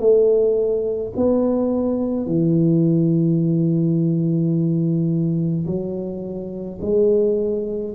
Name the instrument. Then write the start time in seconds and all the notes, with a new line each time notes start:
tuba
0.00 A3
1.17 B3
2.26 E3
5.67 F#3
6.82 G#3